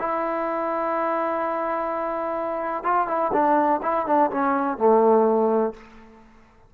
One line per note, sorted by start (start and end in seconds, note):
0.00 2.84 E4
2.84 3.08 F4
3.08 3.32 E4
3.34 3.82 D4
3.83 4.07 E4
4.07 4.31 D4
4.31 4.78 C#4
4.78 5.74 A3